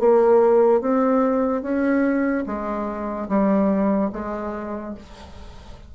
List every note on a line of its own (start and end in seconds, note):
0.00 0.81 A#3
0.81 1.63 C4
1.63 2.45 C#4
2.47 3.29 G#3
3.29 4.11 G3
4.13 4.95 G#3